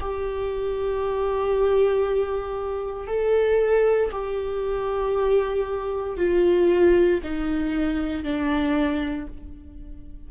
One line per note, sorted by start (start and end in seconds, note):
0.00 3.07 G4
3.07 4.11 A4
4.11 6.17 G4
6.17 7.20 F4
7.23 8.23 D#4
8.23 9.27 D4